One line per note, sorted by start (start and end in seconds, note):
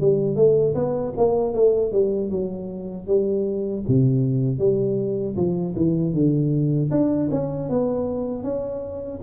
0.00 0.36 G3
0.36 0.74 A3
0.74 1.13 B3
1.17 1.53 A#3
1.53 1.92 A3
1.92 2.30 G3
2.30 3.07 F#3
3.07 3.84 G3
3.87 4.58 C3
4.58 5.35 G3
5.36 5.74 F3
5.76 6.13 E3
6.13 6.90 D3
6.91 7.29 D4
7.31 7.69 C#4
7.69 8.43 B3
8.43 9.20 C#4